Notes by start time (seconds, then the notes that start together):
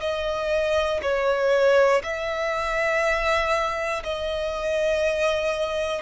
0.00 D#5
1.02 C#5
2.03 E5
4.03 D#5